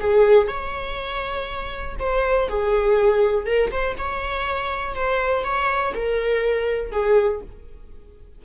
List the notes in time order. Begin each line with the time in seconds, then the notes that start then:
0.00 G#4
0.48 C#5
1.99 C5
2.48 G#4
3.46 A#4
3.71 C5
3.98 C#5
4.95 C5
5.44 C#5
5.95 A#4
6.92 G#4